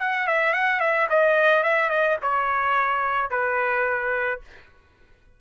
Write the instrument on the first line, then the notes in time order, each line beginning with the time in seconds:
trumpet
0.00 F#5
0.28 E5
0.54 F#5
0.81 E5
1.10 D#5
1.64 E5
1.90 D#5
2.23 C#5
3.31 B4